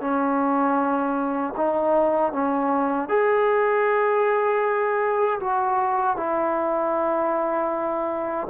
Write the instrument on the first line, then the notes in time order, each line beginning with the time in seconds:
trombone
0.00 C#4
1.56 D#4
2.32 C#4
3.09 G#4
5.40 F#4
6.16 E4